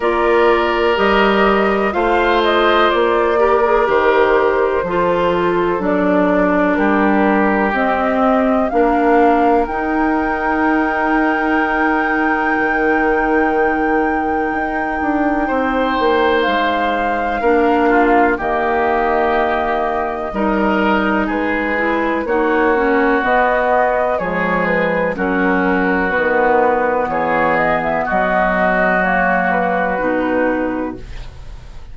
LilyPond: <<
  \new Staff \with { instrumentName = "flute" } { \time 4/4 \tempo 4 = 62 d''4 dis''4 f''8 dis''8 d''4 | c''2 d''4 ais'4 | dis''4 f''4 g''2~ | g''1~ |
g''4 f''2 dis''4~ | dis''2 b'4 cis''4 | dis''4 cis''8 b'8 ais'4 b'4 | cis''8 dis''16 e''16 dis''4 cis''8 b'4. | }
  \new Staff \with { instrumentName = "oboe" } { \time 4/4 ais'2 c''4. ais'8~ | ais'4 a'2 g'4~ | g'4 ais'2.~ | ais'1 |
c''2 ais'8 f'8 g'4~ | g'4 ais'4 gis'4 fis'4~ | fis'4 gis'4 fis'2 | gis'4 fis'2. | }
  \new Staff \with { instrumentName = "clarinet" } { \time 4/4 f'4 g'4 f'4. g'16 gis'16 | g'4 f'4 d'2 | c'4 d'4 dis'2~ | dis'1~ |
dis'2 d'4 ais4~ | ais4 dis'4. e'8 dis'8 cis'8 | b4 gis4 cis'4 b4~ | b2 ais4 dis'4 | }
  \new Staff \with { instrumentName = "bassoon" } { \time 4/4 ais4 g4 a4 ais4 | dis4 f4 fis4 g4 | c'4 ais4 dis'2~ | dis'4 dis2 dis'8 d'8 |
c'8 ais8 gis4 ais4 dis4~ | dis4 g4 gis4 ais4 | b4 f4 fis4 dis4 | e4 fis2 b,4 | }
>>